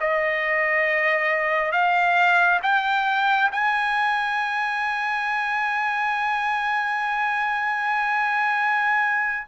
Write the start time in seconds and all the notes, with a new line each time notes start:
0.00 D#5
1.71 F5
2.62 G5
3.51 G#5